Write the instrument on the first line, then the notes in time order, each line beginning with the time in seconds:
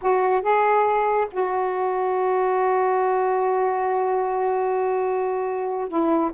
saxophone
0.01 F#4
0.41 G#4
1.31 F#4
5.88 E4